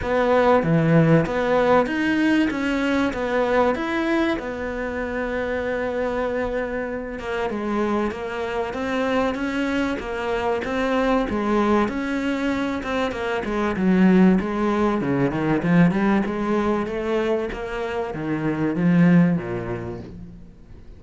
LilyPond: \new Staff \with { instrumentName = "cello" } { \time 4/4 \tempo 4 = 96 b4 e4 b4 dis'4 | cis'4 b4 e'4 b4~ | b2.~ b8 ais8 | gis4 ais4 c'4 cis'4 |
ais4 c'4 gis4 cis'4~ | cis'8 c'8 ais8 gis8 fis4 gis4 | cis8 dis8 f8 g8 gis4 a4 | ais4 dis4 f4 ais,4 | }